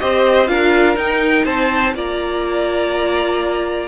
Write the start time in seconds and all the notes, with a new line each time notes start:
0.00 C4 G4 C5 D#5
0.47 D4 F4 A#4 F5
0.96 D#4 G5
1.45 C4 C5 A5
1.95 A#3 F4 D5 A#5